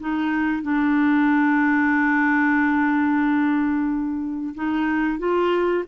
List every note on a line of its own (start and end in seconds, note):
0.00 0.63 D#4
0.63 4.54 D4
4.55 5.19 D#4
5.19 5.84 F4